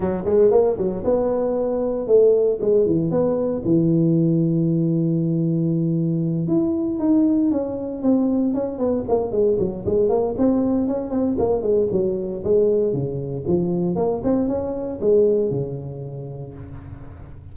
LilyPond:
\new Staff \with { instrumentName = "tuba" } { \time 4/4 \tempo 4 = 116 fis8 gis8 ais8 fis8 b2 | a4 gis8 e8 b4 e4~ | e1~ | e8 e'4 dis'4 cis'4 c'8~ |
c'8 cis'8 b8 ais8 gis8 fis8 gis8 ais8 | c'4 cis'8 c'8 ais8 gis8 fis4 | gis4 cis4 f4 ais8 c'8 | cis'4 gis4 cis2 | }